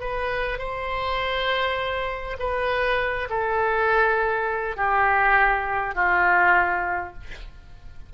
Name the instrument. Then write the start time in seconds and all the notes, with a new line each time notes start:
oboe
0.00 B4
0.58 C5
2.39 B4
3.29 A4
4.76 G4
5.95 F4